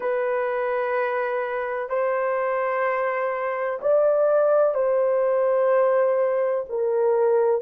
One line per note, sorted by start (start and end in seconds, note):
0.00 1.89 B4
1.89 3.79 C5
3.81 4.74 D5
4.74 6.65 C5
6.69 7.61 A#4